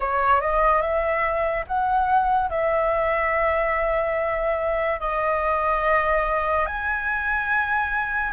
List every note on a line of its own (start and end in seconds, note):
0.00 0.41 C#5
0.41 0.81 D#5
0.81 1.64 E5
1.67 2.50 F#5
2.50 5.00 E5
5.00 6.66 D#5
6.66 8.32 G#5